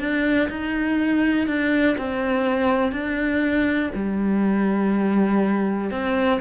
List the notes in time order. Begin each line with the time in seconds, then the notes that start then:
0.00 D4
0.50 D#4
1.48 D4
1.98 C4
2.92 D4
3.94 G3
5.91 C4